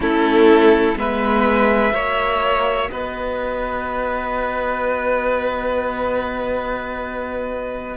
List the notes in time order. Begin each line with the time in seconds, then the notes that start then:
0.00 A3 C#4 E4 A4
0.96 G#3 B3 B4 E5
1.91 A#3 F#4 C#5
2.90 B3 B4 D#5